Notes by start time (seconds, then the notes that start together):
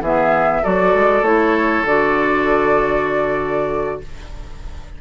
0.00 E3 B3 G#4 E5
0.62 F#3 F#4 A4 D5
0.94 G#3
1.21 A3 E4 C#5
1.84 D3 F#4 D5